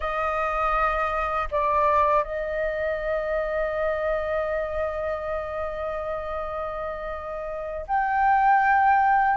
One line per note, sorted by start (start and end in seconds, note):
0.00 1.48 D#5
1.51 2.23 D5
2.23 7.86 D#5
7.87 9.36 G5